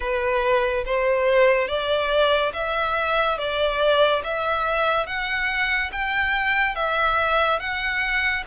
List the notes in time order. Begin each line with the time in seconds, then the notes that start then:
0.00 B4
0.85 C5
1.67 D5
2.53 E5
3.38 D5
4.23 E5
5.06 F#5
5.92 G5
6.75 E5
7.59 F#5